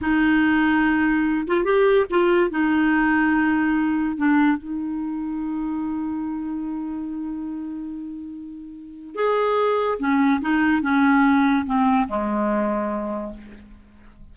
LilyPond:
\new Staff \with { instrumentName = "clarinet" } { \time 4/4 \tempo 4 = 144 dis'2.~ dis'8 f'8 | g'4 f'4 dis'2~ | dis'2 d'4 dis'4~ | dis'1~ |
dis'1~ | dis'2 gis'2 | cis'4 dis'4 cis'2 | c'4 gis2. | }